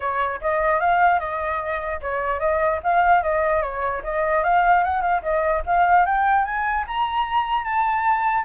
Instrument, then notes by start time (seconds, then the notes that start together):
flute
0.00 C#5
0.41 D#5
0.80 F5
1.19 D#5
2.01 C#5
2.39 D#5
2.83 F5
3.23 D#5
3.62 C#5
4.03 D#5
4.43 F5
4.83 F#5
5.01 F5
5.22 D#5
5.65 F5
6.05 G5
6.44 G#5
6.87 A#5
7.63 A5